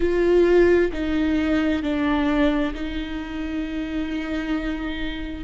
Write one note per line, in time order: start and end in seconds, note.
0.00 0.91 F4
0.92 1.82 D#4
1.82 2.73 D4
2.74 5.44 D#4